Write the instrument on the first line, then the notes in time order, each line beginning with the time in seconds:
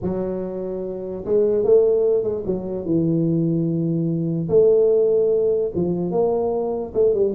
tuba
0.02 F#3
1.25 G#3
1.63 A3
2.23 G#3
2.46 F#3
2.85 E3
4.49 A3
5.74 F3
6.11 A#3
6.94 A3
7.14 G3